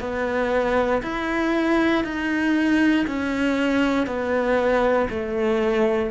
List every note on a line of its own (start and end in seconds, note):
0.00 1.02 B3
1.03 2.04 E4
2.04 3.06 D#4
3.07 4.06 C#4
4.06 5.08 B3
5.09 6.11 A3